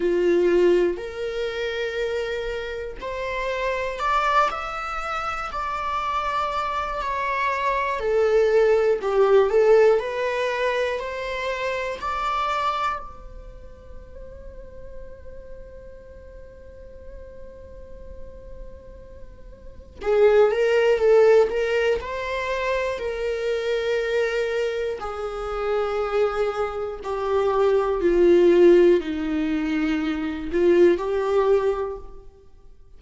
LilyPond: \new Staff \with { instrumentName = "viola" } { \time 4/4 \tempo 4 = 60 f'4 ais'2 c''4 | d''8 e''4 d''4. cis''4 | a'4 g'8 a'8 b'4 c''4 | d''4 c''2.~ |
c''1 | gis'8 ais'8 a'8 ais'8 c''4 ais'4~ | ais'4 gis'2 g'4 | f'4 dis'4. f'8 g'4 | }